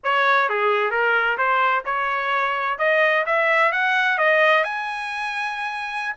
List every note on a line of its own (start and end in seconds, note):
0.03 0.49 C#5
0.49 0.90 G#4
0.90 1.37 A#4
1.37 1.84 C5
1.85 2.78 C#5
2.78 3.25 D#5
3.26 3.72 E5
3.72 4.18 F#5
4.18 4.64 D#5
4.64 6.15 G#5